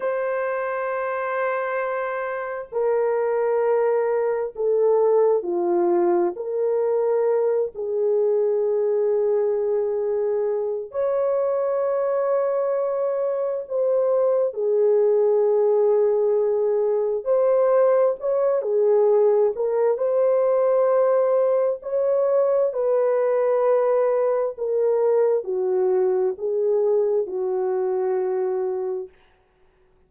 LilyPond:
\new Staff \with { instrumentName = "horn" } { \time 4/4 \tempo 4 = 66 c''2. ais'4~ | ais'4 a'4 f'4 ais'4~ | ais'8 gis'2.~ gis'8 | cis''2. c''4 |
gis'2. c''4 | cis''8 gis'4 ais'8 c''2 | cis''4 b'2 ais'4 | fis'4 gis'4 fis'2 | }